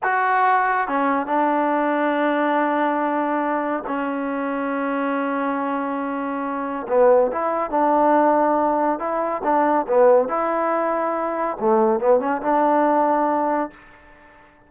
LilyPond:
\new Staff \with { instrumentName = "trombone" } { \time 4/4 \tempo 4 = 140 fis'2 cis'4 d'4~ | d'1~ | d'4 cis'2.~ | cis'1 |
b4 e'4 d'2~ | d'4 e'4 d'4 b4 | e'2. a4 | b8 cis'8 d'2. | }